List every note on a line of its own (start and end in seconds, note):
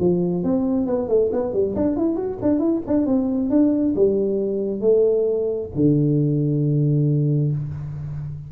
0.00 0.44 F3
0.44 0.87 C4
0.87 1.09 B3
1.09 1.31 A3
1.33 1.53 B3
1.53 1.75 G3
1.76 1.97 D4
1.97 2.16 E4
2.16 2.38 F#4
2.42 2.59 D4
2.59 2.82 E4
2.87 3.06 D4
3.06 3.50 C4
3.50 3.94 D4
3.96 4.81 G3
4.81 5.70 A3
5.75 7.52 D3